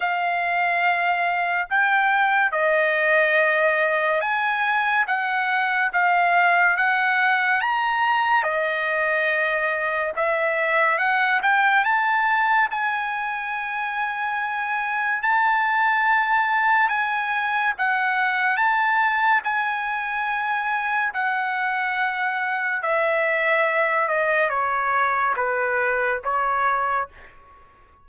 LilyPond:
\new Staff \with { instrumentName = "trumpet" } { \time 4/4 \tempo 4 = 71 f''2 g''4 dis''4~ | dis''4 gis''4 fis''4 f''4 | fis''4 ais''4 dis''2 | e''4 fis''8 g''8 a''4 gis''4~ |
gis''2 a''2 | gis''4 fis''4 a''4 gis''4~ | gis''4 fis''2 e''4~ | e''8 dis''8 cis''4 b'4 cis''4 | }